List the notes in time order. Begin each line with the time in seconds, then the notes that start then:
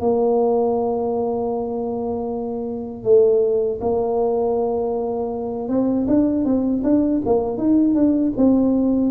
0.00 A#3
3.04 A3
3.81 A#3
5.68 C4
6.07 D4
6.45 C4
6.84 D4
7.25 A#3
7.57 D#4
7.94 D4
8.37 C4